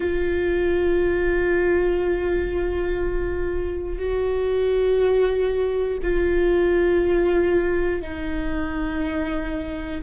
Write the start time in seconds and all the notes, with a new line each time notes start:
0.00 F4
3.98 F#4
6.02 F4
8.01 D#4